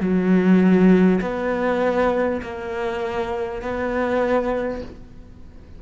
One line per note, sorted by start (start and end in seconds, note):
0.00 1.20 F#3
1.21 2.41 B3
2.42 3.62 A#3
3.62 4.82 B3